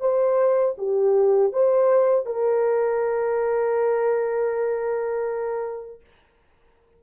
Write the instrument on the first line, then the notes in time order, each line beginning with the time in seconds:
horn
0.00 C5
0.78 G4
1.52 C5
2.25 A#4